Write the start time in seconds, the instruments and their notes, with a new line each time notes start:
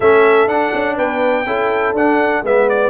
0.00 tuba A3, trombone C#4, horn A4, trumpet E5
0.47 tuba D4, trombone D4, trumpet F#5
0.73 tuba C#4
0.96 tuba B3, horn B4, trumpet G5
1.46 tuba C#4, trombone E4, horn A4
1.93 tuba D4, trombone D4, trumpet F#5
2.42 tuba G#3, trombone B3, horn B4, trumpet E5
2.69 trumpet D5